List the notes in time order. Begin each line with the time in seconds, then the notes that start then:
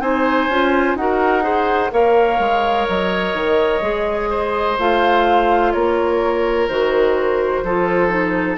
0.00 C4 D#4 C5 G#5
0.49 C#4 F4
0.95 D#4 F#4 F#5
1.01 A#4
1.42 G#4 C5
1.92 A#3 A#4 C#5 F5
2.39 G#3
2.88 F#3 D#5
3.34 D#3
3.82 G#3 G#4
4.30 C5
4.79 A3 F4 F5
5.72 A#3 A#4 C#5
6.68 D#3 F#4 C5
7.63 F3 F4 A4
8.09 D#4